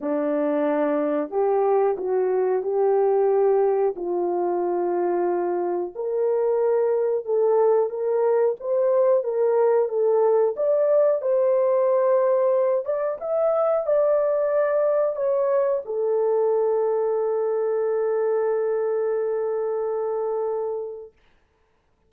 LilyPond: \new Staff \with { instrumentName = "horn" } { \time 4/4 \tempo 4 = 91 d'2 g'4 fis'4 | g'2 f'2~ | f'4 ais'2 a'4 | ais'4 c''4 ais'4 a'4 |
d''4 c''2~ c''8 d''8 | e''4 d''2 cis''4 | a'1~ | a'1 | }